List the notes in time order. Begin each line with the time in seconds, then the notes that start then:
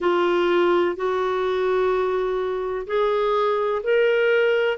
0.00 F4
0.96 F#4
2.87 G#4
3.83 A#4